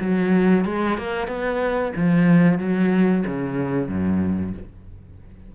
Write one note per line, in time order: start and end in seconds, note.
0.00 0.65 F#3
0.65 0.97 G#3
0.97 1.27 A#3
1.27 1.92 B3
1.95 2.58 F3
2.58 3.24 F#3
3.26 3.88 C#3
3.88 4.53 F#2